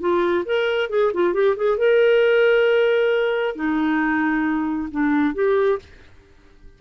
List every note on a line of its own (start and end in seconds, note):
0.00 0.44 F4
0.45 0.90 A#4
0.90 1.12 G#4
1.14 1.34 F4
1.34 1.56 G4
1.57 1.78 G#4
1.78 3.56 A#4
3.56 4.89 D#4
4.92 5.35 D4
5.35 5.79 G4